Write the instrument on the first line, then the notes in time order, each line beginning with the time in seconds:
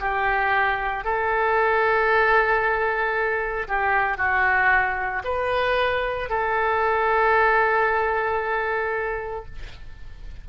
oboe
0.00 G4
1.04 A4
3.68 G4
4.18 F#4
5.24 B4
6.30 A4